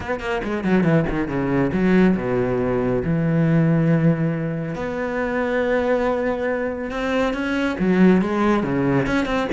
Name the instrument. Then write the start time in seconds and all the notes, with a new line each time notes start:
cello
0.00 B3
0.20 A#3
0.43 G#3
0.64 F#3
0.83 E3
1.09 D#3
1.28 C#3
1.72 F#3
2.16 B2
3.04 E3
4.75 B3
6.90 C4
7.33 C#4
7.79 F#3
8.21 G#3
8.63 C#3
9.06 C#4
9.25 C4